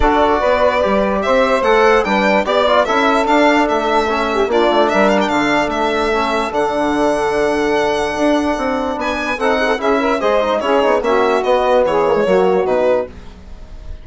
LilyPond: <<
  \new Staff \with { instrumentName = "violin" } { \time 4/4 \tempo 4 = 147 d''2. e''4 | fis''4 g''4 d''4 e''4 | f''4 e''2 d''4 | e''8 f''16 g''16 f''4 e''2 |
fis''1~ | fis''2 gis''4 fis''4 | e''4 dis''4 cis''4 e''4 | dis''4 cis''2 b'4 | }
  \new Staff \with { instrumentName = "saxophone" } { \time 4/4 a'4 b'2 c''4~ | c''4 b'4 d''4 a'4~ | a'2~ a'8 g'8 f'4 | ais'4 a'2.~ |
a'1~ | a'2 b'4 a'8 gis'16 a'16 | gis'8 ais'8 c''4 gis'4 fis'4~ | fis'4 gis'4 fis'2 | }
  \new Staff \with { instrumentName = "trombone" } { \time 4/4 fis'2 g'2 | a'4 d'4 g'8 f'8 e'4 | d'2 cis'4 d'4~ | d'2. cis'4 |
d'1~ | d'2. dis'4 | e'4 gis'8 dis'8 e'8 dis'8 cis'4 | b4. ais16 gis16 ais4 dis'4 | }
  \new Staff \with { instrumentName = "bassoon" } { \time 4/4 d'4 b4 g4 c'4 | a4 g4 b4 cis'4 | d'4 a2 ais8 a8 | g4 d4 a2 |
d1 | d'4 c'4 b4 c'4 | cis'4 gis4 cis'8 b8 ais4 | b4 e4 fis4 b,4 | }
>>